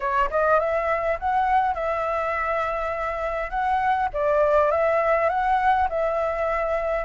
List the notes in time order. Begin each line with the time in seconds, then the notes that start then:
0.00 C#5
0.30 D#5
0.59 E5
1.19 F#5
1.74 E5
3.49 F#5
4.13 D5
4.71 E5
5.29 F#5
5.89 E5